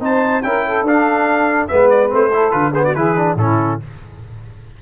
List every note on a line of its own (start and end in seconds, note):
0.00 0.42 C4
0.00 0.42 D#4
0.00 0.43 C5
0.00 0.42 A5
0.42 0.82 C#4
0.42 0.86 E4
0.42 0.66 A#4
0.42 0.84 G5
0.66 1.68 A4
0.82 1.66 D4
0.82 1.69 D4
0.82 1.67 F5
1.67 2.12 G#3
1.67 2.08 B3
1.67 2.31 B4
1.67 1.88 E5
1.89 2.10 D5
2.08 2.53 A3
2.08 2.29 C4
2.08 2.51 C5
2.32 2.51 E4
2.32 2.72 A4
2.51 2.95 D3
2.51 2.72 F4
2.51 2.72 B4
2.72 2.95 B3
2.72 2.83 G#4
2.72 2.84 C5
2.84 2.95 F#4
2.84 2.94 D5
2.94 3.35 E3
2.94 3.16 E4
2.94 3.37 G#4
2.94 3.36 B4
3.16 3.37 D4
3.35 3.77 A2
3.35 3.80 C#4
3.35 3.82 E4
3.35 3.80 A4